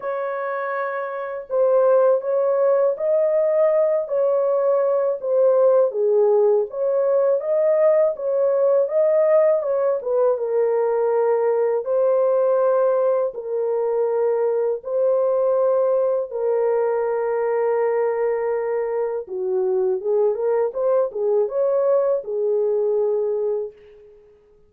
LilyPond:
\new Staff \with { instrumentName = "horn" } { \time 4/4 \tempo 4 = 81 cis''2 c''4 cis''4 | dis''4. cis''4. c''4 | gis'4 cis''4 dis''4 cis''4 | dis''4 cis''8 b'8 ais'2 |
c''2 ais'2 | c''2 ais'2~ | ais'2 fis'4 gis'8 ais'8 | c''8 gis'8 cis''4 gis'2 | }